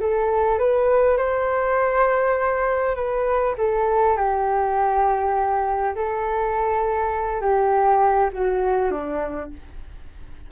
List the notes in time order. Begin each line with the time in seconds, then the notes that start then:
0.00 A4
0.59 B4
1.17 C5
2.96 B4
3.58 A4
4.17 G4
5.96 A4
7.41 G4
8.33 F#4
8.91 D4